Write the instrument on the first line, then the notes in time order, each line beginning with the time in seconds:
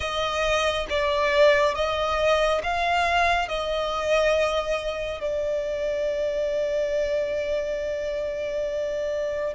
violin
0.00 D#5
0.89 D5
1.74 D#5
2.63 F5
3.48 D#5
5.20 D5